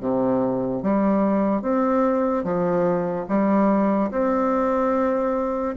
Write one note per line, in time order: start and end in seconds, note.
0.00 0.82 C3
0.82 1.61 G3
1.61 2.43 C4
2.43 3.25 F3
3.28 4.10 G3
4.11 5.75 C4